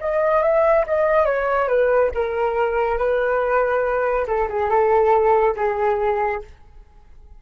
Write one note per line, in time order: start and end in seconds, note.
0.00 0.42 D#5
0.42 0.85 E5
0.87 1.25 D#5
1.25 1.68 C#5
1.68 2.11 B4
2.15 2.98 A#4
2.98 4.27 B4
4.27 4.48 A4
4.49 4.69 G#4
4.69 5.55 A4
5.56 6.42 G#4